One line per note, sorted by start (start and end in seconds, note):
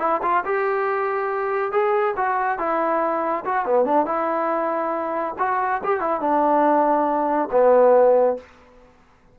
0.00 0.21 E4
0.23 0.44 F4
0.46 1.72 G4
1.72 2.15 G#4
2.17 2.59 F#4
2.59 3.45 E4
3.46 3.66 F#4
3.66 3.85 B3
3.85 4.06 D4
4.06 5.35 E4
5.39 5.82 F#4
5.84 6.01 G4
6.01 6.21 E4
6.21 7.50 D4
7.52 8.38 B3